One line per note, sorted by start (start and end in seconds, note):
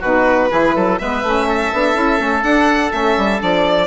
0.00 0.51 B2
0.00 0.50 D#4
0.00 0.48 F#4
0.00 0.98 B4
0.50 0.76 E3
0.50 0.98 E4
0.50 0.75 G#4
0.75 1.00 F#3
0.75 0.99 A4
0.98 1.22 G#3
0.98 1.23 B3
0.98 1.48 B4
0.98 2.43 E5
1.22 1.71 A3
1.22 1.73 C#4
1.48 3.86 A4
1.73 1.95 B3
1.73 1.94 D4
1.94 2.19 C#4
1.94 2.17 E4
2.17 2.43 A3
2.17 2.42 C#4
2.43 2.91 D4
2.43 2.90 D4
2.43 2.91 F#5
2.90 3.17 A3
2.90 3.38 C#4
2.90 3.40 E5
3.17 3.41 G3
3.38 3.86 F3
3.38 3.86 D4
3.38 3.86 D5